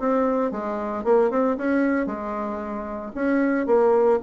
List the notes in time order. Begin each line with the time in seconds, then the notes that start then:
0.00 C4
0.52 G#3
1.05 A#3
1.31 C4
1.58 C#4
2.07 G#3
3.15 C#4
3.67 A#3